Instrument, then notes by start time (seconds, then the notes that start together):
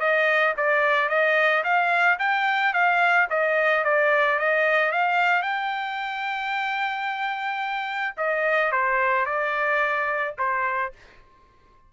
trumpet
0.00 D#5
0.57 D5
1.09 D#5
1.64 F5
2.19 G5
2.73 F5
3.30 D#5
3.85 D5
4.39 D#5
4.92 F5
5.43 G5
8.17 D#5
8.72 C5
9.26 D5
10.38 C5